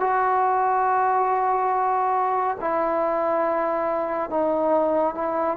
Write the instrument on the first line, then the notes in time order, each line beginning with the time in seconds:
trombone
0.00 F#4
2.61 E4
4.30 D#4
5.15 E4